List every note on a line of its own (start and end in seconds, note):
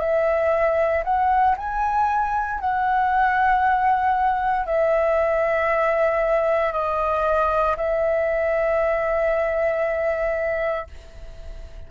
0.00 1.03 E5
1.03 1.55 F#5
1.57 2.60 G#5
2.60 4.66 F#5
4.66 6.72 E5
6.72 7.75 D#5
7.77 10.87 E5